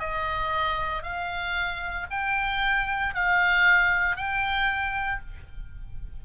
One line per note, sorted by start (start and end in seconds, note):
0.00 1.03 D#5
1.03 2.07 F5
2.11 3.15 G5
3.15 4.16 F5
4.16 5.21 G5